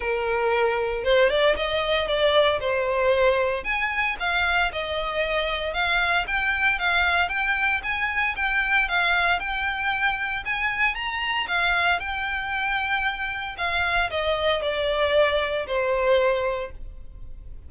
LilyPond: \new Staff \with { instrumentName = "violin" } { \time 4/4 \tempo 4 = 115 ais'2 c''8 d''8 dis''4 | d''4 c''2 gis''4 | f''4 dis''2 f''4 | g''4 f''4 g''4 gis''4 |
g''4 f''4 g''2 | gis''4 ais''4 f''4 g''4~ | g''2 f''4 dis''4 | d''2 c''2 | }